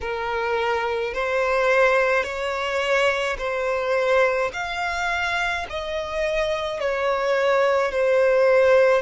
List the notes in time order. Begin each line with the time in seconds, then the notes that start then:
0.00 A#4
1.13 C5
2.23 C#5
3.38 C5
4.53 F5
5.69 D#5
6.79 C#5
7.91 C5